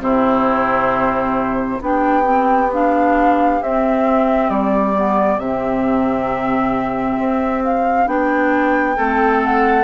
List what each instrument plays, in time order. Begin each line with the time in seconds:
0.00 bassoon C3, clarinet C4, oboe E4, flute C5
1.81 bassoon B3, clarinet D4, oboe G4, flute G5
2.23 clarinet C4
2.73 clarinet D4, flute F5
3.61 clarinet C4, bassoon C4, flute E5
4.49 bassoon G3, flute D5
4.95 clarinet B3
5.37 bassoon C3, clarinet C4, flute E5
7.18 bassoon C4
7.64 flute F5
8.06 bassoon B3, clarinet D4, flute G5
8.96 bassoon A3, clarinet C4, oboe A4
9.44 flute F#5